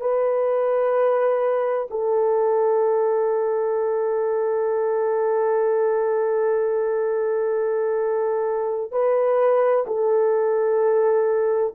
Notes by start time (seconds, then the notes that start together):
0.00 B4
1.90 A4
8.91 B4
9.87 A4